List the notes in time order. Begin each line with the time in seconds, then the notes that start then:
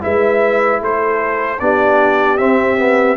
0.00 G#3 E4 B4 E5
0.81 A3 A4 C5
1.60 B3 D4 G4 D5
2.37 C4 E5
2.77 B3